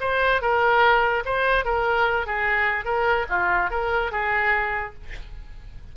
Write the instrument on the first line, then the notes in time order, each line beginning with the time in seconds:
oboe
0.00 C5
0.41 A#4
1.25 C5
1.64 A#4
2.26 G#4
2.84 A#4
3.29 F4
3.70 A#4
4.12 G#4